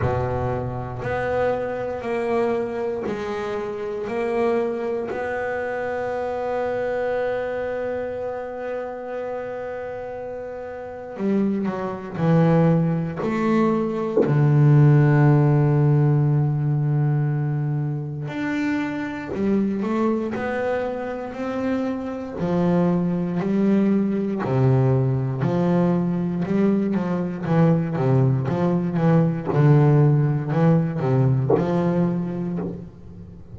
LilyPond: \new Staff \with { instrumentName = "double bass" } { \time 4/4 \tempo 4 = 59 b,4 b4 ais4 gis4 | ais4 b2.~ | b2. g8 fis8 | e4 a4 d2~ |
d2 d'4 g8 a8 | b4 c'4 f4 g4 | c4 f4 g8 f8 e8 c8 | f8 e8 d4 e8 c8 f4 | }